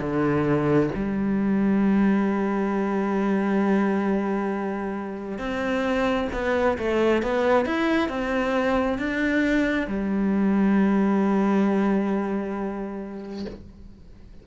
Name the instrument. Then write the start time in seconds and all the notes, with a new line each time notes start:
cello
0.00 D3
0.95 G3
5.39 C4
6.33 B3
6.78 A3
7.23 B3
7.66 E4
8.09 C4
8.98 D4
9.88 G3